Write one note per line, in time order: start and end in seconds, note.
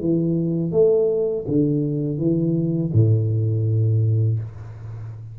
0.00 0.72 E3
0.72 1.45 A3
1.48 2.18 D3
2.18 2.91 E3
2.93 4.39 A2